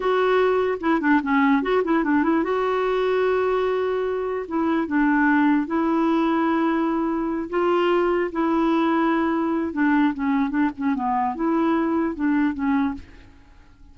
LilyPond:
\new Staff \with { instrumentName = "clarinet" } { \time 4/4 \tempo 4 = 148 fis'2 e'8 d'8 cis'4 | fis'8 e'8 d'8 e'8 fis'2~ | fis'2. e'4 | d'2 e'2~ |
e'2~ e'8 f'4.~ | f'8 e'2.~ e'8 | d'4 cis'4 d'8 cis'8 b4 | e'2 d'4 cis'4 | }